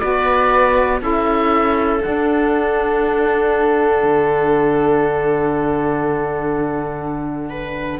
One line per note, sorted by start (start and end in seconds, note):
0.00 1.01 B3
0.00 0.99 F#4
0.00 1.01 B4
0.00 1.00 D5
0.99 2.01 C#4
0.99 1.99 E4
0.99 7.50 A4
0.99 2.02 E5
2.01 8.00 D4
2.01 4.03 D4
2.01 8.00 F#5
4.03 8.00 D3
7.50 8.00 B4